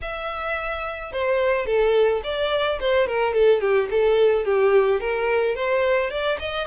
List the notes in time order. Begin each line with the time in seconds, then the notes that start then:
0.01 E5
1.12 C5
1.65 A4
2.23 D5
2.80 C5
3.07 A#4
3.33 A4
3.61 G4
3.90 A4
4.44 G4
5.00 A#4
5.55 C5
6.10 D5
6.39 D#5